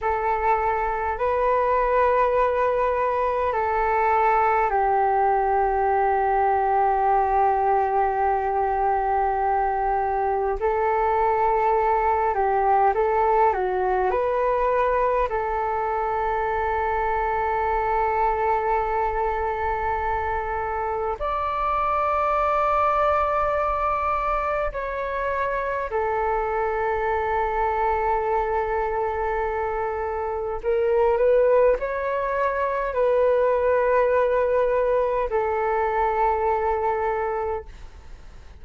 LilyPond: \new Staff \with { instrumentName = "flute" } { \time 4/4 \tempo 4 = 51 a'4 b'2 a'4 | g'1~ | g'4 a'4. g'8 a'8 fis'8 | b'4 a'2.~ |
a'2 d''2~ | d''4 cis''4 a'2~ | a'2 ais'8 b'8 cis''4 | b'2 a'2 | }